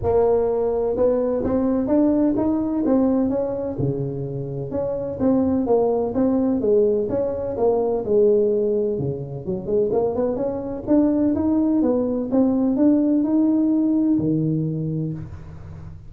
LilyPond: \new Staff \with { instrumentName = "tuba" } { \time 4/4 \tempo 4 = 127 ais2 b4 c'4 | d'4 dis'4 c'4 cis'4 | cis2 cis'4 c'4 | ais4 c'4 gis4 cis'4 |
ais4 gis2 cis4 | fis8 gis8 ais8 b8 cis'4 d'4 | dis'4 b4 c'4 d'4 | dis'2 dis2 | }